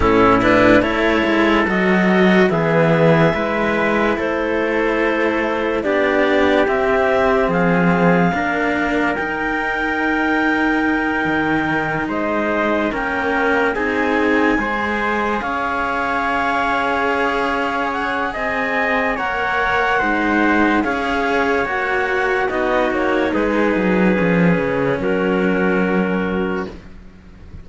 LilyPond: <<
  \new Staff \with { instrumentName = "clarinet" } { \time 4/4 \tempo 4 = 72 a'8 b'8 cis''4 dis''4 e''4~ | e''4 c''2 d''4 | e''4 f''2 g''4~ | g''2~ g''8 dis''4 g''8~ |
g''8 gis''2 f''4.~ | f''4. fis''8 gis''4 fis''4~ | fis''4 f''4 fis''4 dis''8 cis''8 | b'2 ais'2 | }
  \new Staff \with { instrumentName = "trumpet" } { \time 4/4 e'4 a'2 gis'4 | b'4 a'2 g'4~ | g'4 gis'4 ais'2~ | ais'2~ ais'8 c''4 ais'8~ |
ais'8 gis'4 c''4 cis''4.~ | cis''2 dis''4 cis''4 | c''4 cis''2 fis'4 | gis'2 fis'2 | }
  \new Staff \with { instrumentName = "cello" } { \time 4/4 cis'8 d'8 e'4 fis'4 b4 | e'2. d'4 | c'2 d'4 dis'4~ | dis'2.~ dis'8 cis'8~ |
cis'8 dis'4 gis'2~ gis'8~ | gis'2. ais'4 | dis'4 gis'4 fis'4 dis'4~ | dis'4 cis'2. | }
  \new Staff \with { instrumentName = "cello" } { \time 4/4 a,4 a8 gis8 fis4 e4 | gis4 a2 b4 | c'4 f4 ais4 dis'4~ | dis'4. dis4 gis4 ais8~ |
ais8 c'4 gis4 cis'4.~ | cis'2 c'4 ais4 | gis4 cis'4 ais4 b8 ais8 | gis8 fis8 f8 cis8 fis2 | }
>>